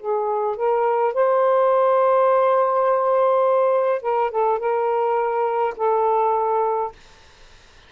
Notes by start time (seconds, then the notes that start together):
0.00 G#4
0.57 A#4
1.14 C5
4.02 A#4
4.32 A4
4.59 A#4
5.77 A4